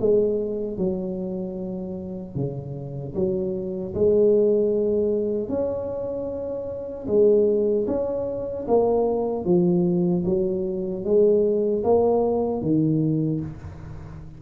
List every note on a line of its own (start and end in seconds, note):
0.00 0.77 G#3
0.77 2.35 F#3
2.35 3.14 C#3
3.14 3.93 F#3
3.94 5.49 G#3
5.49 7.07 C#4
7.07 7.86 G#3
7.87 8.66 C#4
8.67 9.44 A#3
9.44 10.23 F3
10.25 11.04 F#3
11.04 11.83 G#3
11.83 12.61 A#3
12.61 13.40 D#3